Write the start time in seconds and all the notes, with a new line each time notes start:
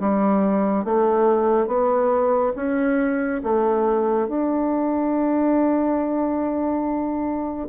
0.00 G3
0.84 A3
1.67 B3
2.56 C#4
3.44 A3
4.28 D4